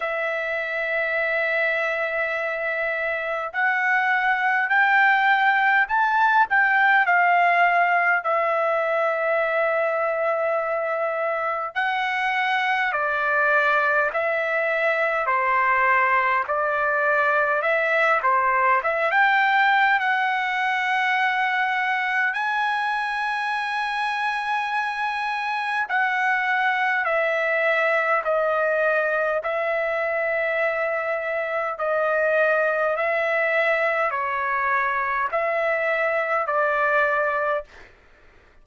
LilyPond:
\new Staff \with { instrumentName = "trumpet" } { \time 4/4 \tempo 4 = 51 e''2. fis''4 | g''4 a''8 g''8 f''4 e''4~ | e''2 fis''4 d''4 | e''4 c''4 d''4 e''8 c''8 |
e''16 g''8. fis''2 gis''4~ | gis''2 fis''4 e''4 | dis''4 e''2 dis''4 | e''4 cis''4 e''4 d''4 | }